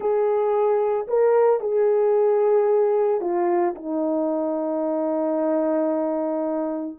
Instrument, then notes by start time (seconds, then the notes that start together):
horn
0.00 G#4
1.07 A#4
1.60 G#4
3.20 F4
3.75 D#4